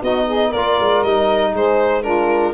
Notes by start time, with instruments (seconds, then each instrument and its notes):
0.00 tuba B3, trombone D#4, saxophone F#4, violin D#5
0.26 saxophone G#4
0.49 tuba A#3, saxophone A#4, violin D5
0.56 trombone F4
0.80 tuba G#3
1.03 tuba G3, trombone D#4, violin D#5
1.54 tuba G#3, saxophone G#4, violin C5
2.02 trombone D4, saxophone F4, violin A#4